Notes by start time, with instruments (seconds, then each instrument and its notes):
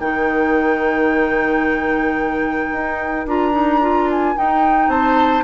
0.00 bassoon D#3, clarinet D#4, oboe A#4, flute G5
2.72 bassoon D#4
3.26 bassoon D4, clarinet F4, flute A#5
3.52 clarinet D#4
3.81 clarinet F4
4.11 flute G#5
4.36 clarinet D#4, bassoon D#4, flute G5
4.88 bassoon C4, oboe C5, flute A5